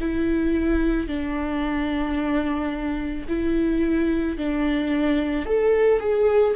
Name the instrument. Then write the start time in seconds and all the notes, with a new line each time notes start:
viola
0.00 E4
1.07 D4
3.28 E4
4.37 D4
5.45 A4
6.00 G#4